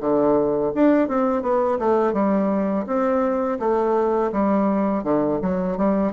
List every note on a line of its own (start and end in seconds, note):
0.00 0.72 D3
0.74 1.08 D4
1.08 1.42 C4
1.42 1.78 B3
1.79 2.13 A3
2.13 2.85 G3
2.87 3.59 C4
3.59 4.31 A3
4.32 5.03 G3
5.03 5.40 D3
5.42 5.78 F#3
5.78 6.12 G3